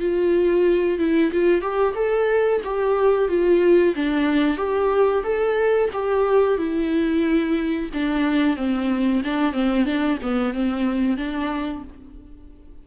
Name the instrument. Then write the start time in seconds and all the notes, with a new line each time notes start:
viola
0.00 F4
0.99 E4
1.32 F4
1.61 G4
1.95 A4
2.64 G4
3.29 F4
3.96 D4
4.57 G4
5.24 A4
5.93 G4
6.58 E4
7.93 D4
8.57 C4
9.24 D4
9.53 C4
9.85 D4
10.22 B3
10.54 C4
11.17 D4